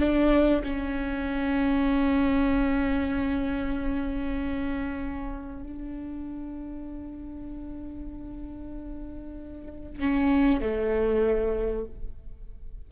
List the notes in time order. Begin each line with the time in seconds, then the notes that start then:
0.00 D4
0.64 C#4
5.63 D4
10.00 C#4
10.61 A3